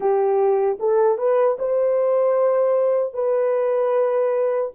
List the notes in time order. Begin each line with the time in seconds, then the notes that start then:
0.00 G4
0.79 A4
1.17 B4
1.58 C5
3.13 B4